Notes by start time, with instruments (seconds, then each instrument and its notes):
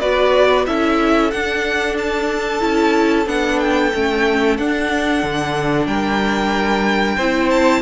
0.00 cello B3, viola F#4, violin B4 D5
0.67 cello C#4, viola E4, violin A4 E5
1.31 viola D4, cello D4, violin F#5
1.98 violin A5
2.60 cello C#4, viola E4
3.26 cello B3, viola D4, violin F#5
3.60 violin G5
3.94 cello A3, viola C#4
4.58 cello D4, viola D4, violin F#5
5.24 cello D3
5.87 cello G3, violin A#4 G5
7.17 cello C4, viola E4, violin C5
7.50 violin A5